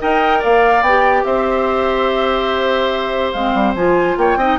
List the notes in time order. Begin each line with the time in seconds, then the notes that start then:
0.00 D#4 A#4 D#5 G5
0.39 A#3 D5 F5
0.82 B3 G5
0.89 G4
1.25 C4 C5 E5
3.32 G#3 C4 F5
3.54 G3
3.75 F3 F4 G#5
4.18 A#3 C#5 G5
4.37 C4 D#4 D#5